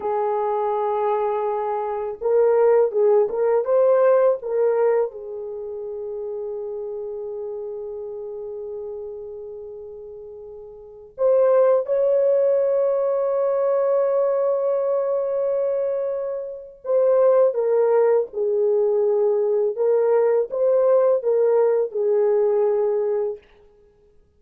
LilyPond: \new Staff \with { instrumentName = "horn" } { \time 4/4 \tempo 4 = 82 gis'2. ais'4 | gis'8 ais'8 c''4 ais'4 gis'4~ | gis'1~ | gis'2.~ gis'16 c''8.~ |
c''16 cis''2.~ cis''8.~ | cis''2. c''4 | ais'4 gis'2 ais'4 | c''4 ais'4 gis'2 | }